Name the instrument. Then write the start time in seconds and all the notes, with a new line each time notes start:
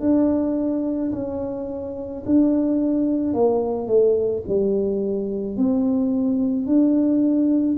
tuba
0.00 D4
1.12 C#4
2.25 D4
3.34 A#3
3.87 A3
4.47 G3
5.57 C4
6.67 D4